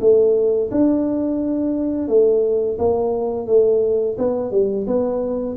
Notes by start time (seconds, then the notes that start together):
0.00 A3
0.71 D4
2.08 A3
2.78 A#3
3.47 A3
4.17 B3
4.51 G3
4.86 B3